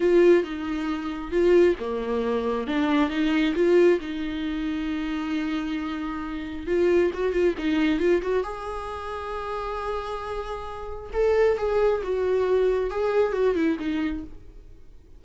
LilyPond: \new Staff \with { instrumentName = "viola" } { \time 4/4 \tempo 4 = 135 f'4 dis'2 f'4 | ais2 d'4 dis'4 | f'4 dis'2.~ | dis'2. f'4 |
fis'8 f'8 dis'4 f'8 fis'8 gis'4~ | gis'1~ | gis'4 a'4 gis'4 fis'4~ | fis'4 gis'4 fis'8 e'8 dis'4 | }